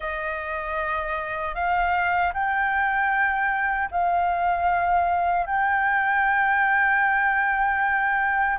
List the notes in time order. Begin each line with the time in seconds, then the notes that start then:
0.00 D#5
1.54 F5
2.33 G5
3.91 F5
5.46 G5